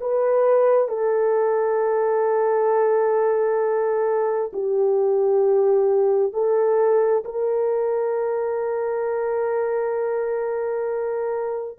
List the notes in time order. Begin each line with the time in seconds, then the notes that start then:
0.00 B4
0.88 A4
4.53 G4
6.33 A4
7.24 A#4